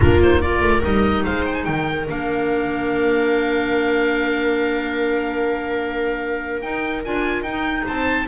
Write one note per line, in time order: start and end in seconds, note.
0.00 0.61 A#3
0.00 0.17 D4
0.00 0.42 F4
0.00 0.21 A#4
0.22 0.42 D#4
0.22 0.41 C5
0.41 0.81 F4
0.41 1.23 A#4
0.41 0.82 D5
0.61 0.82 A3
0.81 1.25 G3
0.81 2.06 D#4
0.81 1.24 D#5
1.23 1.67 G#3
1.23 1.65 C5
1.23 1.45 F5
1.45 1.54 G5
1.54 1.64 G#5
1.64 2.08 D#3
1.64 7.85 A#4
1.64 2.05 G5
2.07 6.64 A#3
2.07 6.62 D4
2.07 6.61 F5
6.61 7.03 D#4
6.61 7.05 D#4
6.61 7.02 G5
7.04 7.42 D4
7.04 7.46 F4
7.04 7.43 G#5
7.42 7.83 D#4
7.42 8.27 D#4
7.42 7.84 G5
7.85 8.27 C4
7.85 8.27 C5
7.85 8.27 A5